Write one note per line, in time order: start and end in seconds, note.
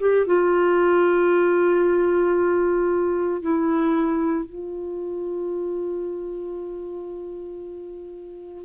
0.00 0.26 G4
0.26 3.42 F4
3.42 4.45 E4
4.45 8.65 F4